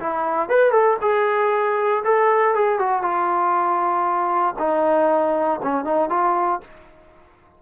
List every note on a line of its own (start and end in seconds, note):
0.00 0.49 E4
0.49 0.71 B4
0.71 0.97 A4
1.01 2.03 G#4
2.04 2.55 A4
2.55 2.79 G#4
2.79 3.02 F#4
3.02 4.55 F4
4.59 5.60 D#4
5.63 5.85 C#4
5.85 6.10 D#4
6.10 6.61 F4